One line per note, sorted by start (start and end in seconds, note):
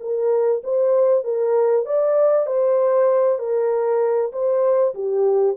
0.00 0.62 A#4
0.64 1.24 C5
1.24 1.86 A#4
1.86 2.46 D5
2.46 3.39 C5
3.39 4.32 A#4
4.32 4.94 C5
4.94 5.56 G4